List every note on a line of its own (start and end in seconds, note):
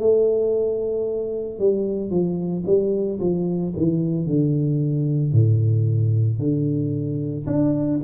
0.00 1.59 A3
1.59 2.11 G3
2.11 2.64 F3
2.66 3.20 G3
3.20 3.74 F3
3.76 4.26 E3
4.26 5.33 D3
5.33 6.39 A2
6.39 7.46 D3
7.47 8.00 D4